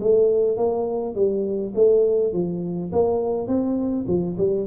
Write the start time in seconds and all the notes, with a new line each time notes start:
0.00 A3
0.57 A#3
1.15 G3
1.75 A3
2.33 F3
2.92 A#3
3.47 C4
4.08 F3
4.38 G3